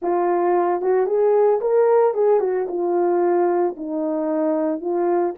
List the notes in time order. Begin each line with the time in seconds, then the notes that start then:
0.01 F4
0.81 F#4
1.06 G#4
1.60 A#4
2.14 G#4
2.40 F#4
2.68 F4
3.76 D#4
4.81 F4